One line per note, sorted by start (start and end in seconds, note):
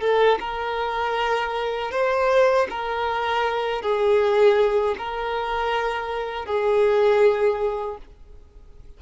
0.00 0.38 A4
0.39 1.91 A#4
1.91 2.67 C5
2.70 3.81 A#4
3.81 4.95 G#4
4.98 6.46 A#4
6.46 7.97 G#4